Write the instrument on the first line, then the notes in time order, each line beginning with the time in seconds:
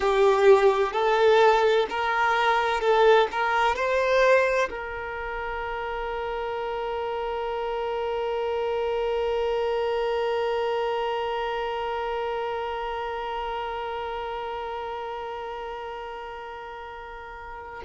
violin
0.00 G4
0.92 A4
1.89 A#4
2.80 A4
3.31 A#4
3.75 C5
4.70 A#4